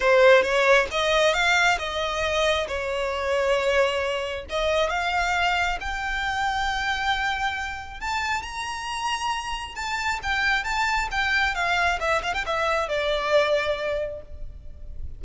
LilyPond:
\new Staff \with { instrumentName = "violin" } { \time 4/4 \tempo 4 = 135 c''4 cis''4 dis''4 f''4 | dis''2 cis''2~ | cis''2 dis''4 f''4~ | f''4 g''2.~ |
g''2 a''4 ais''4~ | ais''2 a''4 g''4 | a''4 g''4 f''4 e''8 f''16 g''16 | e''4 d''2. | }